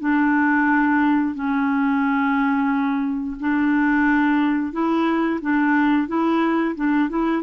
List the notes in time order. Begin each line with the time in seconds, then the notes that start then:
0.00 D4
1.35 C#4
3.40 D4
4.73 E4
5.41 D4
6.08 E4
6.75 D4
7.09 E4